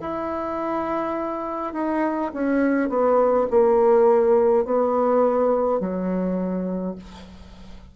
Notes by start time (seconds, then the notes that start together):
0.00 E4
1.73 D#4
2.33 C#4
2.89 B3
3.50 A#3
4.65 B3
5.80 F#3